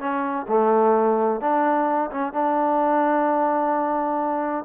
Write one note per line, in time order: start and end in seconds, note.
0.00 0.47 C#4
0.49 1.41 A3
1.41 2.11 D4
2.11 2.33 C#4
2.33 4.65 D4